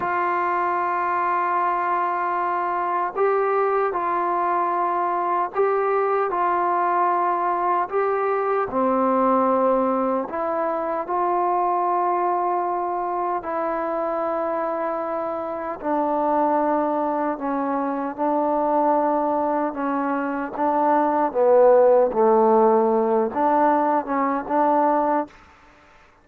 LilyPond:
\new Staff \with { instrumentName = "trombone" } { \time 4/4 \tempo 4 = 76 f'1 | g'4 f'2 g'4 | f'2 g'4 c'4~ | c'4 e'4 f'2~ |
f'4 e'2. | d'2 cis'4 d'4~ | d'4 cis'4 d'4 b4 | a4. d'4 cis'8 d'4 | }